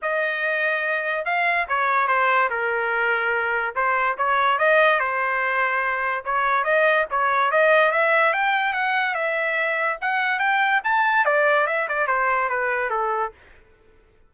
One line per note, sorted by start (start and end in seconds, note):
0.02 1.25 D#5
1.25 1.66 F5
1.68 2.07 C#5
2.07 2.49 C5
2.50 3.75 A#4
3.75 4.16 C5
4.17 4.58 C#5
4.58 4.99 D#5
4.99 6.24 C5
6.24 6.63 C#5
6.63 7.05 D#5
7.10 7.51 C#5
7.51 7.91 D#5
7.91 8.33 E5
8.33 8.73 G5
8.73 9.14 F#5
9.14 9.97 E5
10.01 10.39 F#5
10.39 10.80 G5
10.84 11.25 A5
11.25 11.66 D5
11.67 11.87 E5
11.88 12.07 D5
12.07 12.49 C5
12.49 12.90 B4
12.90 13.31 A4